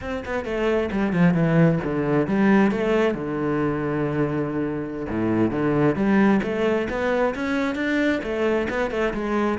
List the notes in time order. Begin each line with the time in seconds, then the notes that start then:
0.01 C4
0.25 B3
0.44 A3
0.91 G3
1.13 F3
1.33 E3
1.83 D3
2.27 G3
2.71 A3
3.14 D3
5.08 A2
5.50 D3
5.95 G3
6.42 A3
6.89 B3
7.35 C#4
7.75 D4
8.23 A3
8.69 B3
8.90 A3
9.13 G#3